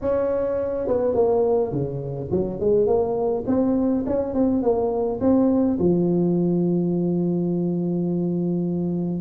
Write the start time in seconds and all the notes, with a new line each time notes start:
0.01 C#4
0.87 B3
1.14 A#3
1.72 C#3
2.31 F#3
2.60 G#3
2.86 A#3
3.46 C4
4.06 C#4
4.33 C4
4.62 A#3
5.20 C4
5.79 F3